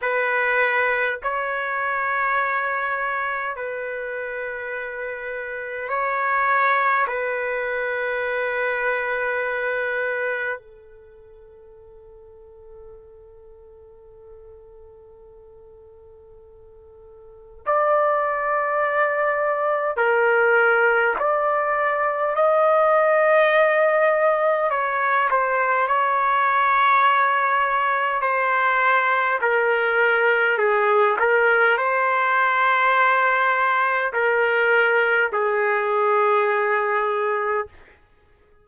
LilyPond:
\new Staff \with { instrumentName = "trumpet" } { \time 4/4 \tempo 4 = 51 b'4 cis''2 b'4~ | b'4 cis''4 b'2~ | b'4 a'2.~ | a'2. d''4~ |
d''4 ais'4 d''4 dis''4~ | dis''4 cis''8 c''8 cis''2 | c''4 ais'4 gis'8 ais'8 c''4~ | c''4 ais'4 gis'2 | }